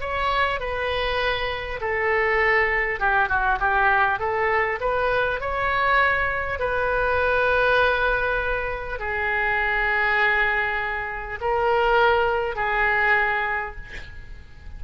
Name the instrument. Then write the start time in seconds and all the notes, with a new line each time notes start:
oboe
0.00 C#5
0.60 B4
1.80 A4
2.99 G4
3.28 F#4
3.59 G4
4.19 A4
4.80 B4
5.40 C#5
6.59 B4
8.99 G#4
11.40 A#4
12.55 G#4